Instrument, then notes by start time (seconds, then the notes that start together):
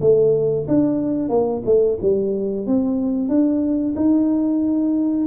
tuba
0.00 A3
0.67 D4
1.29 A#3
1.65 A3
2.01 G3
2.66 C4
3.28 D4
3.95 D#4